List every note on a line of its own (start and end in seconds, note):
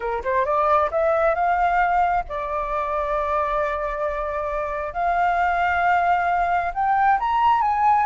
0.00 0.22 A#4
0.24 0.45 C5
0.45 0.90 D5
0.91 1.34 E5
1.34 2.24 F5
2.28 4.93 D5
4.93 6.72 F5
6.74 7.18 G5
7.19 7.61 A#5
7.61 8.06 G#5